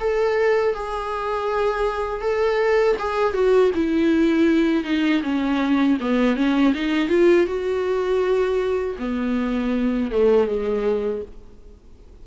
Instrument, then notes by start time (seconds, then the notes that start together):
viola
0.00 A4
0.75 G#4
2.22 A4
2.99 G#4
3.34 F#4
3.75 E4
4.84 D#4
5.23 C#4
6.01 B3
6.36 C#4
6.74 D#4
7.09 F4
7.47 F#4
8.99 B3
10.11 A3
10.47 G#3